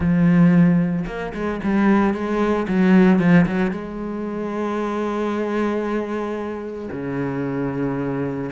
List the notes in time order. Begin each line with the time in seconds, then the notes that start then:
0.00 F3
1.06 A#3
1.34 G#3
1.63 G3
2.14 G#3
2.68 F#3
3.19 F3
3.46 F#3
3.71 G#3
6.91 C#3